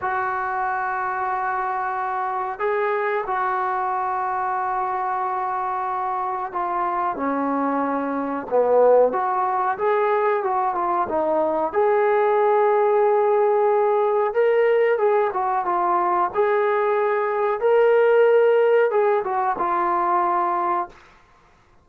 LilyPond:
\new Staff \with { instrumentName = "trombone" } { \time 4/4 \tempo 4 = 92 fis'1 | gis'4 fis'2.~ | fis'2 f'4 cis'4~ | cis'4 b4 fis'4 gis'4 |
fis'8 f'8 dis'4 gis'2~ | gis'2 ais'4 gis'8 fis'8 | f'4 gis'2 ais'4~ | ais'4 gis'8 fis'8 f'2 | }